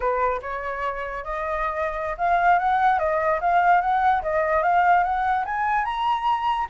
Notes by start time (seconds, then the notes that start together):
0.00 B4
0.42 C#5
1.23 D#5
2.17 F5
2.58 F#5
2.99 D#5
3.40 F5
3.81 F#5
4.22 D#5
4.62 F5
5.03 F#5
5.45 G#5
5.84 A#5